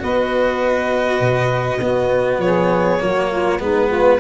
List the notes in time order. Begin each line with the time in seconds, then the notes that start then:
0.00 B3 F#4 B4 D#5
1.21 B2
1.80 B3 F#4
2.39 F3 G#4 C#5
3.00 F#3 A#3 F#4
3.30 F4
3.60 G#3 B3 D#4 B4
3.89 F4